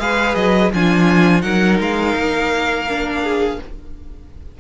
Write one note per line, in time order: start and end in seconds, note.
0.00 0.36 G#3
0.00 0.72 G#4
0.00 0.73 B4
0.00 0.35 F5
0.35 0.72 F#3
0.35 0.71 D#5
0.74 1.44 F3
0.74 1.42 D4
0.74 1.44 F4
0.74 1.42 G#5
1.42 1.80 F#3
1.42 2.85 D#4
1.42 3.22 A#4
1.42 1.78 F#5
1.80 2.16 G#3
1.80 3.61 F5
2.16 3.59 A#3
2.89 3.61 D4
3.23 3.59 G#4